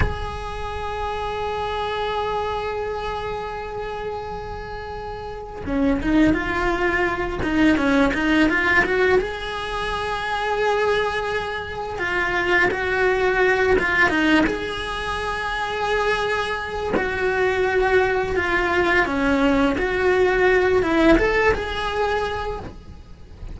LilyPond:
\new Staff \with { instrumentName = "cello" } { \time 4/4 \tempo 4 = 85 gis'1~ | gis'1 | cis'8 dis'8 f'4. dis'8 cis'8 dis'8 | f'8 fis'8 gis'2.~ |
gis'4 f'4 fis'4. f'8 | dis'8 gis'2.~ gis'8 | fis'2 f'4 cis'4 | fis'4. e'8 a'8 gis'4. | }